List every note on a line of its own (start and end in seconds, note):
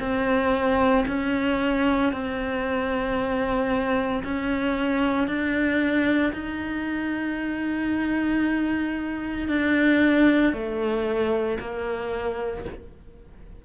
0.00 1.05 C4
1.08 2.13 C#4
2.13 4.23 C4
4.24 5.28 C#4
5.28 6.33 D4
6.33 9.48 D#4
9.48 10.54 D4
10.54 11.59 A3
11.60 12.65 A#3